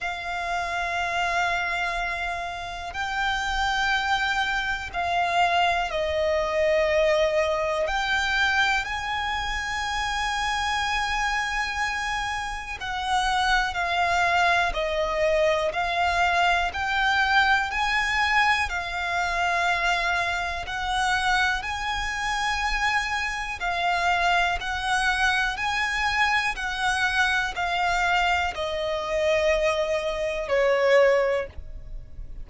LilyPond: \new Staff \with { instrumentName = "violin" } { \time 4/4 \tempo 4 = 61 f''2. g''4~ | g''4 f''4 dis''2 | g''4 gis''2.~ | gis''4 fis''4 f''4 dis''4 |
f''4 g''4 gis''4 f''4~ | f''4 fis''4 gis''2 | f''4 fis''4 gis''4 fis''4 | f''4 dis''2 cis''4 | }